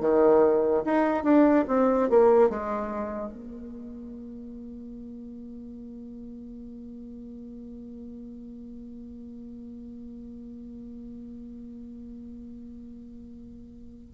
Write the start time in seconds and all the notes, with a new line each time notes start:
0.00 D#3
0.84 D#4
1.23 D4
1.68 C4
2.09 A#3
2.50 G#3
3.33 A#3